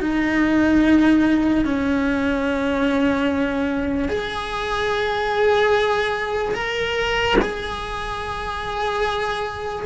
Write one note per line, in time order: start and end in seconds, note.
0.00 1.64 D#4
1.64 4.08 C#4
4.08 6.54 G#4
6.54 7.36 A#4
7.41 9.85 G#4